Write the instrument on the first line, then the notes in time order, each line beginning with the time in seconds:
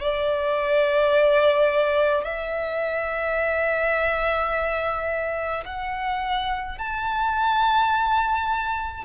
violin
0.00 D5
2.24 E5
5.65 F#5
6.78 A5